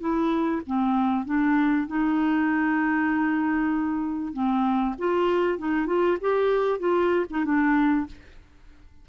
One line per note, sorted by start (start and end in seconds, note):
0.00 0.62 E4
0.66 1.25 C4
1.25 1.87 D4
1.87 4.33 D#4
4.33 4.95 C4
4.98 5.58 F4
5.58 5.87 D#4
5.87 6.17 F4
6.21 6.79 G4
6.79 7.26 F4
7.30 7.45 D#4
7.45 8.07 D4